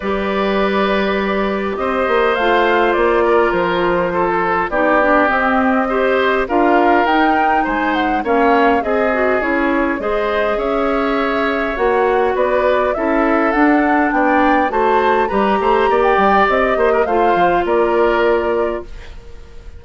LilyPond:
<<
  \new Staff \with { instrumentName = "flute" } { \time 4/4 \tempo 4 = 102 d''2. dis''4 | f''4 d''4 c''2 | d''4 dis''2 f''4 | g''4 gis''8 fis''8 f''4 dis''4 |
cis''4 dis''4 e''2 | fis''4 d''4 e''4 fis''4 | g''4 a''4 ais''4~ ais''16 g''8. | dis''4 f''4 d''2 | }
  \new Staff \with { instrumentName = "oboe" } { \time 4/4 b'2. c''4~ | c''4. ais'4. a'4 | g'2 c''4 ais'4~ | ais'4 c''4 cis''4 gis'4~ |
gis'4 c''4 cis''2~ | cis''4 b'4 a'2 | d''4 c''4 b'8 c''8 d''4~ | d''8 c''16 ais'16 c''4 ais'2 | }
  \new Staff \with { instrumentName = "clarinet" } { \time 4/4 g'1 | f'1 | dis'8 d'8 c'4 g'4 f'4 | dis'2 cis'4 gis'8 fis'8 |
e'4 gis'2. | fis'2 e'4 d'4~ | d'4 fis'4 g'2~ | g'4 f'2. | }
  \new Staff \with { instrumentName = "bassoon" } { \time 4/4 g2. c'8 ais8 | a4 ais4 f2 | b4 c'2 d'4 | dis'4 gis4 ais4 c'4 |
cis'4 gis4 cis'2 | ais4 b4 cis'4 d'4 | b4 a4 g8 a8 ais8 g8 | c'8 ais8 a8 f8 ais2 | }
>>